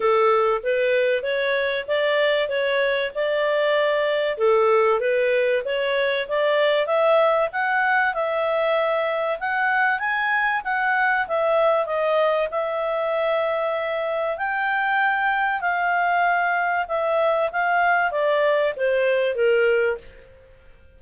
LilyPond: \new Staff \with { instrumentName = "clarinet" } { \time 4/4 \tempo 4 = 96 a'4 b'4 cis''4 d''4 | cis''4 d''2 a'4 | b'4 cis''4 d''4 e''4 | fis''4 e''2 fis''4 |
gis''4 fis''4 e''4 dis''4 | e''2. g''4~ | g''4 f''2 e''4 | f''4 d''4 c''4 ais'4 | }